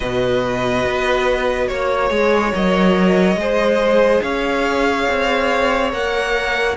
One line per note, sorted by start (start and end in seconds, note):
0.00 0.85 B2
0.00 2.09 F#4
0.00 1.69 B4
0.00 1.68 D#5
0.85 1.69 B3
1.68 2.10 A#3
1.68 2.52 C#5
1.68 3.40 C#5
2.09 2.52 G#3
2.09 2.51 G#4
2.53 3.35 F#3
2.53 3.37 A#4
2.53 4.21 D#5
3.35 4.20 G#3
3.35 5.91 G#4
3.35 4.23 C5
4.21 5.07 C#4
4.21 6.76 C#5
4.21 5.90 F5
5.08 5.92 C4
5.91 6.76 A#3
5.91 6.75 A#4
5.91 6.76 F#5